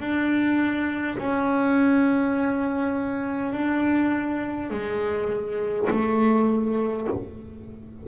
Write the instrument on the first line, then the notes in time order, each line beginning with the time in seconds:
double bass
0.00 D4
1.18 C#4
3.53 D4
4.71 G#3
5.90 A3